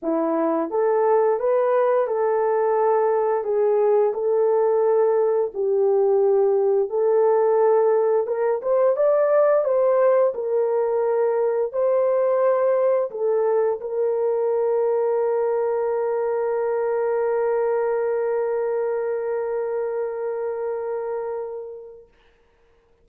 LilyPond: \new Staff \with { instrumentName = "horn" } { \time 4/4 \tempo 4 = 87 e'4 a'4 b'4 a'4~ | a'4 gis'4 a'2 | g'2 a'2 | ais'8 c''8 d''4 c''4 ais'4~ |
ais'4 c''2 a'4 | ais'1~ | ais'1~ | ais'1 | }